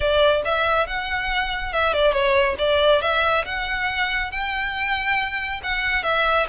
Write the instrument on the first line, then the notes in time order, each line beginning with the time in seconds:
violin
0.00 D5
0.45 E5
0.86 F#5
1.72 E5
1.93 D5
2.12 C#5
2.58 D5
3.01 E5
3.45 F#5
4.31 G5
5.63 F#5
6.03 E5